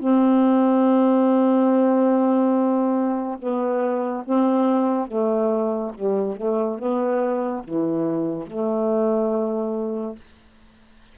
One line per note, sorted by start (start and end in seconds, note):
0.00 3.38 C4
3.39 4.24 B3
4.24 5.07 C4
5.07 5.92 A3
5.94 6.36 G3
6.36 6.79 A3
6.79 7.63 B3
7.64 8.47 E3
8.47 10.16 A3